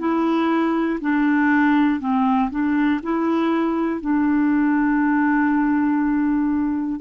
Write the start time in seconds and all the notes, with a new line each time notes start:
0.00 E4
1.01 D4
2.00 C4
2.51 D4
3.04 E4
4.01 D4